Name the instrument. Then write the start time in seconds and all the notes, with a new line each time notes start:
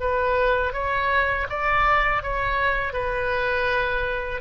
oboe
0.00 B4
0.73 C#5
1.49 D5
2.22 C#5
2.93 B4